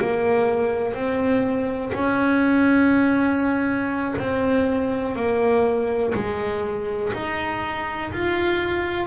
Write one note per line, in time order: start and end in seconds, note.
0.00 0.94 A#3
0.94 1.92 C4
1.94 4.14 C#4
4.18 5.15 C4
5.15 6.14 A#3
6.14 7.13 G#3
7.13 8.11 D#4
8.12 9.06 F4